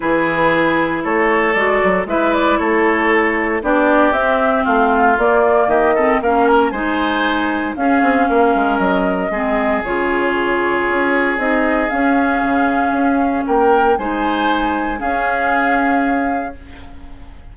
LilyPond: <<
  \new Staff \with { instrumentName = "flute" } { \time 4/4 \tempo 4 = 116 b'2 cis''4 d''4 | e''8 d''8 cis''2 d''4 | e''4 f''4 d''4 dis''4 | f''8 ais''8 gis''2 f''4~ |
f''4 dis''2 cis''4~ | cis''2 dis''4 f''4~ | f''2 g''4 gis''4~ | gis''4 f''2. | }
  \new Staff \with { instrumentName = "oboe" } { \time 4/4 gis'2 a'2 | b'4 a'2 g'4~ | g'4 f'2 g'8 a'8 | ais'4 c''2 gis'4 |
ais'2 gis'2~ | gis'1~ | gis'2 ais'4 c''4~ | c''4 gis'2. | }
  \new Staff \with { instrumentName = "clarinet" } { \time 4/4 e'2. fis'4 | e'2. d'4 | c'2 ais4. c'8 | cis'4 dis'2 cis'4~ |
cis'2 c'4 f'4~ | f'2 dis'4 cis'4~ | cis'2. dis'4~ | dis'4 cis'2. | }
  \new Staff \with { instrumentName = "bassoon" } { \time 4/4 e2 a4 gis8 fis8 | gis4 a2 b4 | c'4 a4 ais4 dis4 | ais4 gis2 cis'8 c'8 |
ais8 gis8 fis4 gis4 cis4~ | cis4 cis'4 c'4 cis'4 | cis4 cis'4 ais4 gis4~ | gis4 cis'2. | }
>>